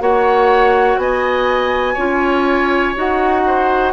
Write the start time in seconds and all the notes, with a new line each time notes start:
0.00 A#3 F#4 C#5 F#5
0.97 B3 D#5 G#5
1.94 C#4 F4 C#5
2.95 D#4 F#4 F#5
3.47 C5